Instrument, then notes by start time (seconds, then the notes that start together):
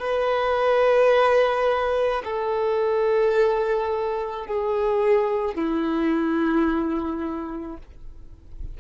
violin
0.00 B4
2.25 A4
4.47 G#4
5.56 E4